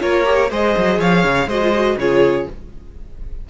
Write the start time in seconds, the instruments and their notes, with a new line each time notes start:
0.00 cello A#3, viola F4, violin A#4 C#5
0.24 viola G4
0.50 cello G#3, viola G#4, violin C5 D#5
0.77 cello F#3
0.99 cello F3, violin C#5 F5
1.24 cello C#3
1.46 cello G#3, viola F#4, violin C5 D#5
1.62 viola F4
1.74 viola F#4
1.97 cello C#3, viola F4, violin G#4 C#5